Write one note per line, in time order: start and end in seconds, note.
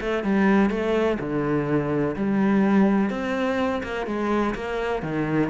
0.00 0.23 A3
0.23 0.70 G3
0.70 1.18 A3
1.19 2.15 D3
2.16 3.10 G3
3.10 3.82 C4
3.83 4.06 A#3
4.06 4.54 G#3
4.54 5.02 A#3
5.02 5.50 D#3